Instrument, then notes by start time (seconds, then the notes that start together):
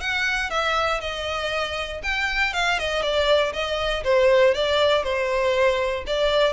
violin
0.00 F#5
0.50 E5
1.00 D#5
2.03 G5
2.53 F5
2.79 D#5
3.02 D5
3.53 D#5
4.03 C5
4.54 D5
5.03 C5
6.06 D5